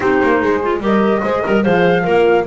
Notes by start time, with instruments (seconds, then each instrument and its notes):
0.00 double bass C4, clarinet D#4, horn G4, flute C5
0.23 double bass A#3
0.41 double bass G#3, horn G#4
0.62 clarinet F4
0.80 double bass G3, clarinet G4, horn A#4, flute D#5
1.23 double bass G#3, clarinet G#4, horn C5
1.42 double bass G3, horn A#4, clarinet A#4
1.63 double bass F3, horn G#4, clarinet C5, flute F5
2.03 double bass A#3, horn F4, clarinet A#4